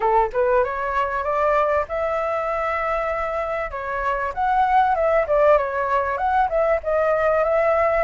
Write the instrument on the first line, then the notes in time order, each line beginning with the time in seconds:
flute
0.00 A4
0.33 B4
0.64 C#5
1.23 D5
1.88 E5
3.70 C#5
4.34 F#5
4.95 E5
5.27 D5
5.57 C#5
6.17 F#5
6.49 E5
6.83 D#5
7.43 E5